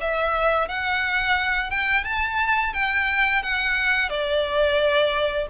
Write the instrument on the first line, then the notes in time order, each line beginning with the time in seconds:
violin
0.00 E5
0.68 F#5
1.70 G5
2.04 A5
2.73 G5
3.42 F#5
4.09 D5